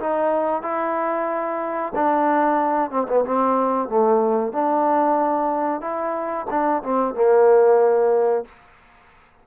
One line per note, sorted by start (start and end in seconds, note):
0.00 0.63 D#4
0.63 1.93 E4
1.95 2.91 D4
2.91 3.07 C4
3.09 3.25 B3
3.25 3.89 C4
3.89 4.53 A3
4.53 5.81 D4
5.81 6.47 E4
6.50 6.83 D4
6.83 7.15 C4
7.15 8.45 A#3